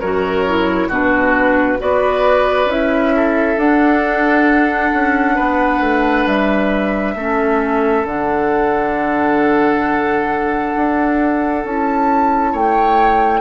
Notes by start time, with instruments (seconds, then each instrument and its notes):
0.00 bassoon F#2, clarinet F#4, oboe A#4, flute C#5
0.46 clarinet E4
0.88 bassoon B2, clarinet D4, oboe F#4, flute B4
1.78 bassoon B3, clarinet F#4, oboe B4, flute D5
2.65 bassoon C#4, clarinet E4, flute E5
3.16 oboe A4
3.57 clarinet D4, bassoon D4, flute F#5
4.93 bassoon C#4
5.35 bassoon B3, oboe B4
5.80 bassoon A3
6.26 bassoon G3, flute E5
7.15 bassoon A3, clarinet C#4, oboe A4
8.04 bassoon D3, clarinet D4, flute F#5
10.76 bassoon D4
11.64 bassoon C#4, clarinet E4, flute A5
12.52 bassoon A3, oboe C#5, flute G5